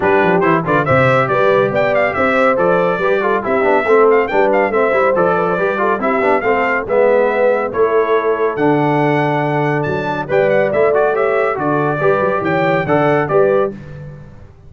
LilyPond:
<<
  \new Staff \with { instrumentName = "trumpet" } { \time 4/4 \tempo 4 = 140 b'4 c''8 d''8 e''4 d''4 | g''8 f''8 e''4 d''2 | e''4. f''8 g''8 f''8 e''4 | d''2 e''4 f''4 |
e''2 cis''2 | fis''2. a''4 | g''8 fis''8 e''8 d''8 e''4 d''4~ | d''4 g''4 fis''4 d''4 | }
  \new Staff \with { instrumentName = "horn" } { \time 4/4 g'4. b'8 c''4 b'4 | d''4 c''2 b'8 a'8 | g'4 a'4 b'4 c''4~ | c''8 b'16 c''16 b'8 a'8 g'4 a'4 |
b'2 a'2~ | a'1 | d''2 cis''4 a'4 | b'4 cis''4 d''4 b'4 | }
  \new Staff \with { instrumentName = "trombone" } { \time 4/4 d'4 e'8 f'8 g'2~ | g'2 a'4 g'8 f'8 | e'8 d'8 c'4 d'4 c'8 e'8 | a'4 g'8 f'8 e'8 d'8 c'4 |
b2 e'2 | d'1 | b'4 e'8 fis'8 g'4 fis'4 | g'2 a'4 g'4 | }
  \new Staff \with { instrumentName = "tuba" } { \time 4/4 g8 f8 e8 d8 c4 g4 | b4 c'4 f4 g4 | c'8 b8 a4 g4 a8 g8 | f4 g4 c'8 b8 a4 |
gis2 a2 | d2. fis4 | g4 a2 d4 | g8 fis8 e4 d4 g4 | }
>>